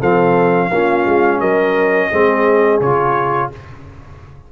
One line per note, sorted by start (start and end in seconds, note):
0.00 0.72 F3
0.00 0.71 C4
0.00 0.70 A4
0.00 1.41 F5
0.72 1.06 A#3
0.72 2.12 C#4
0.72 1.41 F4
1.06 1.40 G#3
1.40 2.10 F#3
1.40 2.10 A#4
1.40 2.80 D#5
2.11 2.81 G#3
2.11 2.82 C4
2.11 3.51 G#4
2.81 3.50 C#3
2.81 3.52 F4
2.81 3.51 C#5